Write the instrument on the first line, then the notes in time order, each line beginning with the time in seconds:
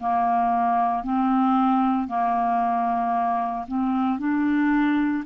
clarinet
0.00 A#3
1.04 C4
2.08 A#3
3.67 C4
4.19 D4